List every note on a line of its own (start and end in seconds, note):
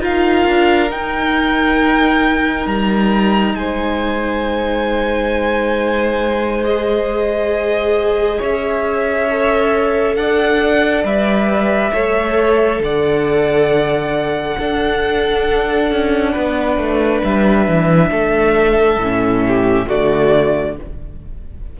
0.00 0.45 D#4
0.00 0.88 F4
0.00 3.55 A#4
0.00 0.91 F5
0.47 0.91 D4
0.91 2.66 D#4
0.91 6.64 D#4
0.91 2.67 G5
2.66 3.54 G3
2.66 3.55 A#5
3.54 8.39 G#3
3.54 8.38 C5
3.54 6.64 G#5
6.64 9.28 G#4
6.64 8.41 D#5
8.38 10.16 C#4
8.38 10.15 C#5
8.38 10.15 E5
9.30 11.04 A4
10.15 11.04 D4
10.15 11.93 D5
10.15 11.04 F#5
11.04 11.92 G3
11.04 11.93 B4
11.04 12.82 E5
11.93 12.79 A3
11.93 14.58 A4
11.93 12.82 C#5
12.79 14.56 D3
12.79 14.57 D5
12.79 17.24 F#5
14.57 15.91 D4
14.57 19.01 D4
14.57 16.32 A4
15.91 16.35 C#4
16.32 16.77 B3
16.32 18.09 B4
16.77 17.22 A3
17.24 17.68 G3
17.24 19.88 E5
17.68 18.11 E3
18.11 18.97 A3
18.11 19.44 A4
18.97 19.85 A2
18.97 19.87 C#4
19.47 19.87 G4
19.87 20.79 D3
19.87 20.75 A3
19.87 20.76 F#4
19.87 20.77 D5